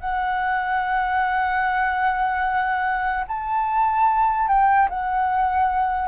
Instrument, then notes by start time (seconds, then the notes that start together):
flute
0.00 F#5
3.28 A5
4.48 G5
4.89 F#5